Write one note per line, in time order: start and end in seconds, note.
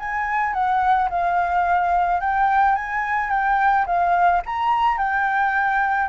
0.00 0.54 G#5
0.54 1.09 F#5
1.10 2.21 F5
2.21 2.76 G5
2.76 3.30 G#5
3.30 3.86 G5
3.87 4.42 F5
4.46 4.98 A#5
4.98 6.09 G5